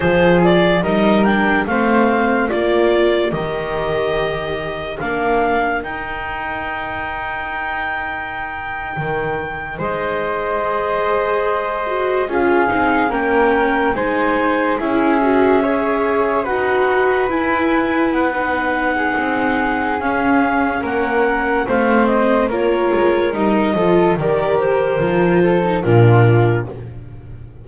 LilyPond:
<<
  \new Staff \with { instrumentName = "clarinet" } { \time 4/4 \tempo 4 = 72 c''8 d''8 dis''8 g''8 f''4 d''4 | dis''2 f''4 g''4~ | g''2.~ g''8. dis''16~ | dis''2~ dis''8. f''4 g''16~ |
g''8. gis''4 e''2 fis''16~ | fis''8. gis''4 fis''2~ fis''16 | f''4 fis''4 f''8 dis''8 cis''4 | dis''4 d''8 c''4. ais'4 | }
  \new Staff \with { instrumentName = "flute" } { \time 4/4 gis'4 ais'4 c''4 ais'4~ | ais'1~ | ais'2.~ ais'8. c''16~ | c''2~ c''8. gis'4 ais'16~ |
ais'8. c''4 gis'4 cis''4 b'16~ | b'2~ b'8. gis'4~ gis'16~ | gis'4 ais'4 c''4 ais'4~ | ais'8 a'8 ais'4. a'8 f'4 | }
  \new Staff \with { instrumentName = "viola" } { \time 4/4 f'4 dis'8 d'8 c'4 f'4 | g'2 d'4 dis'4~ | dis'1~ | dis'8. gis'4. fis'8 f'8 dis'8 cis'16~ |
cis'8. dis'4 e'8 fis'8 gis'4 fis'16~ | fis'8. e'4~ e'16 dis'2 | cis'2 c'4 f'4 | dis'8 f'8 g'4 f'8. dis'16 d'4 | }
  \new Staff \with { instrumentName = "double bass" } { \time 4/4 f4 g4 a4 ais4 | dis2 ais4 dis'4~ | dis'2~ dis'8. dis4 gis16~ | gis2~ gis8. cis'8 c'8 ais16~ |
ais8. gis4 cis'2 dis'16~ | dis'8. e'4 b4~ b16 c'4 | cis'4 ais4 a4 ais8 gis8 | g8 f8 dis4 f4 ais,4 | }
>>